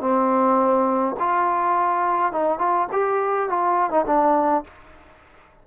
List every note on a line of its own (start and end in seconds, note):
0.00 1.15 C4
1.19 2.32 F4
2.32 2.59 D#4
2.59 2.87 F4
2.92 3.49 G4
3.49 3.90 F4
3.90 4.05 D#4
4.06 4.64 D4